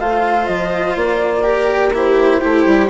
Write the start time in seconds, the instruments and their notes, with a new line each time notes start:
0.00 bassoon A3, cello F4, viola C5, flute F5
0.47 bassoon F3, flute D#5
0.96 bassoon A#3, flute D5
1.44 cello G4, viola A#4
1.94 cello E4, viola G4, flute C5
2.40 bassoon A3, viola E4, cello G4
2.66 bassoon G3